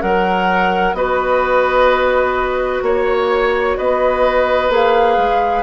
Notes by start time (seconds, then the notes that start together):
0.00 F#3 A#4 F#5
0.06 A#4
0.93 B3 F#4 B4 D#5
2.82 A#3 C#5
3.77 B3 B4 D#5
4.69 A#3 G#4 F5
5.17 G#3